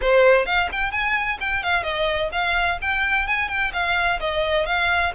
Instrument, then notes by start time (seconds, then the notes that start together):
violin
0.01 C5
0.45 F5
0.71 G5
0.91 G#5
1.40 G5
1.63 F5
1.83 D#5
2.32 F5
2.81 G5
3.27 G#5
3.48 G5
3.73 F5
4.20 D#5
4.65 F5